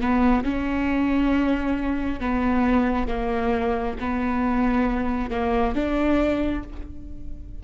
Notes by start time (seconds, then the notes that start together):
0.00 B3
0.44 C#4
2.20 B3
3.08 A#3
3.99 B3
5.30 A#3
5.75 D4